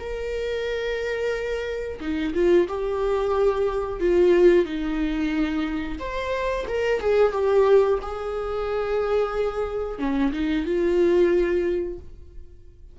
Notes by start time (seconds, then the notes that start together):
0.00 A#4
2.01 D#4
2.35 F4
2.68 G4
4.00 F4
4.65 D#4
5.99 C5
6.68 A#4
7.01 G#4
7.32 G4
8.02 G#4
9.99 C#4
10.32 D#4
10.66 F4